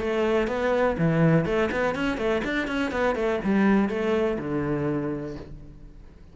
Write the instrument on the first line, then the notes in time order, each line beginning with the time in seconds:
cello
0.00 A3
0.47 B3
0.98 E3
1.45 A3
1.71 B3
1.95 C#4
2.17 A3
2.44 D4
2.67 C#4
2.91 B3
3.16 A3
3.44 G3
3.89 A3
4.39 D3